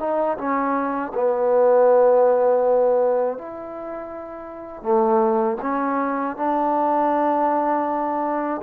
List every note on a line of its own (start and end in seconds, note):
0.00 0.38 D#4
0.38 1.13 C#4
1.15 3.39 B3
3.39 4.83 E4
4.83 5.58 A3
5.62 6.37 C#4
6.37 8.62 D4